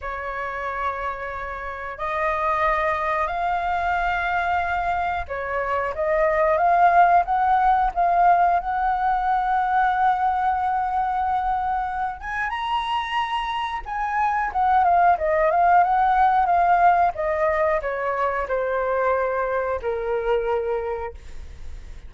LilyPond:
\new Staff \with { instrumentName = "flute" } { \time 4/4 \tempo 4 = 91 cis''2. dis''4~ | dis''4 f''2. | cis''4 dis''4 f''4 fis''4 | f''4 fis''2.~ |
fis''2~ fis''8 gis''8 ais''4~ | ais''4 gis''4 fis''8 f''8 dis''8 f''8 | fis''4 f''4 dis''4 cis''4 | c''2 ais'2 | }